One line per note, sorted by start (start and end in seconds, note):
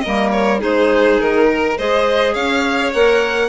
0.00 0.59 A#3
0.00 0.60 A#4
0.00 0.29 D#5
0.06 0.63 G3
0.31 0.60 C#5
0.59 1.19 G#3
0.59 1.74 D#4
0.59 1.47 G#4
0.59 1.20 C5
1.19 1.77 D#3
1.19 1.78 A#4
1.50 1.78 A#4
1.78 2.35 G#3
1.78 2.93 G#4
1.78 2.34 C5
1.78 2.34 D#5
2.34 2.92 C#4
2.34 3.49 C#5
2.34 2.92 F5
2.93 3.49 A#3
2.93 3.49 A#4
2.93 3.49 F#5